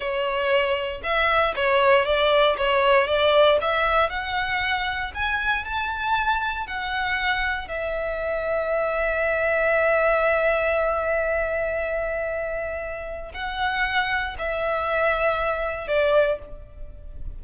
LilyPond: \new Staff \with { instrumentName = "violin" } { \time 4/4 \tempo 4 = 117 cis''2 e''4 cis''4 | d''4 cis''4 d''4 e''4 | fis''2 gis''4 a''4~ | a''4 fis''2 e''4~ |
e''1~ | e''1~ | e''2 fis''2 | e''2. d''4 | }